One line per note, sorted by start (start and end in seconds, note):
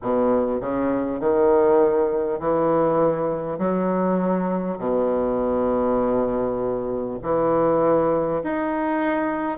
0.02 0.60 B2
0.60 1.19 C#3
1.19 2.39 D#3
2.39 3.58 E3
3.58 4.78 F#3
4.78 7.18 B2
7.22 8.42 E3
8.43 9.58 D#4